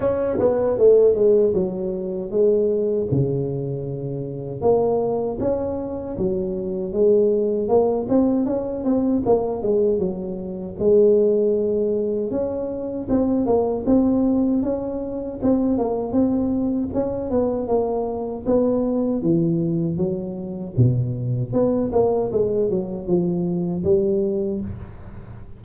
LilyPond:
\new Staff \with { instrumentName = "tuba" } { \time 4/4 \tempo 4 = 78 cis'8 b8 a8 gis8 fis4 gis4 | cis2 ais4 cis'4 | fis4 gis4 ais8 c'8 cis'8 c'8 | ais8 gis8 fis4 gis2 |
cis'4 c'8 ais8 c'4 cis'4 | c'8 ais8 c'4 cis'8 b8 ais4 | b4 e4 fis4 b,4 | b8 ais8 gis8 fis8 f4 g4 | }